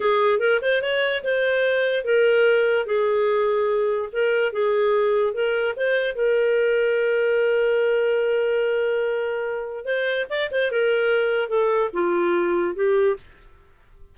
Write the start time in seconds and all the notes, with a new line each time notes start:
0.00 G#4
0.39 A#4
0.61 C5
0.82 C#5
1.23 C5
2.04 A#4
2.85 G#4
4.12 A#4
4.52 G#4
5.33 A#4
5.76 C5
6.15 A#4
9.84 C5
10.29 D5
10.51 C5
10.71 A#4
11.49 A4
11.93 F4
12.75 G4